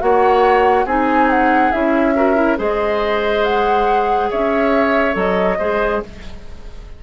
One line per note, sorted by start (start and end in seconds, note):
0.00 0.86 A#3
0.00 0.86 F#4
0.00 0.86 C#5
0.00 0.87 F#5
0.86 1.71 C4
0.86 1.72 D#4
0.86 2.14 G#4
0.86 1.31 G#5
1.31 1.72 F#5
1.72 2.59 C#4
1.72 2.15 E4
1.72 2.57 E5
2.16 2.35 F#4
2.16 2.58 A#4
2.35 2.57 E4
2.57 4.31 G#3
2.57 5.13 G#4
2.57 4.30 C5
2.57 3.45 D#5
3.45 4.31 F#5
4.31 5.16 C#4
4.31 5.59 C#5
4.31 5.17 E5
5.13 5.58 F#3
5.13 5.56 A4
5.13 6.03 D#5
5.59 6.02 G#3
5.59 6.03 G#4
5.59 6.01 C5